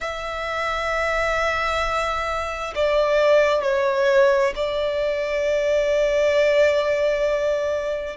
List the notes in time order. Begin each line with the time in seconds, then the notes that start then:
0.00 E5
2.75 D5
3.62 C#5
4.55 D5